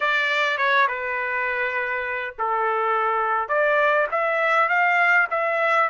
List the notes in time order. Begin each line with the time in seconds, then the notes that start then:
0.00 D5
0.57 C#5
0.87 B4
2.38 A4
3.48 D5
4.11 E5
4.68 F5
5.30 E5